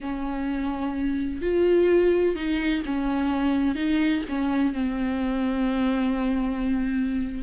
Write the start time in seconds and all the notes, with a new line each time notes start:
0.00 C#4
1.41 F4
2.35 D#4
2.85 C#4
3.75 D#4
4.28 C#4
4.73 C4